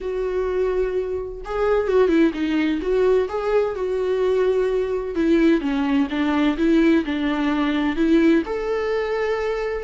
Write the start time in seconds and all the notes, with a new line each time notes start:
0.00 F#4
1.44 G#4
1.87 F#4
2.08 E4
2.33 D#4
2.81 F#4
3.28 G#4
3.75 F#4
5.15 E4
5.60 C#4
6.09 D4
6.57 E4
7.05 D4
7.96 E4
8.45 A4